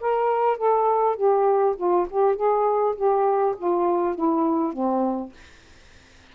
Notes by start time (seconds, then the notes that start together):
0.00 A#4
0.57 A4
1.16 G4
1.77 F4
2.10 G4
2.35 G#4
2.95 G4
3.58 F4
4.15 E4
4.73 C4